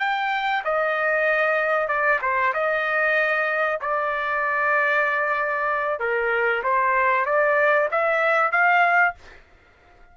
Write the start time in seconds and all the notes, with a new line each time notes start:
0.00 G5
0.65 D#5
1.88 D5
2.22 C5
2.54 D#5
3.81 D5
6.00 A#4
6.63 C5
7.26 D5
7.91 E5
8.52 F5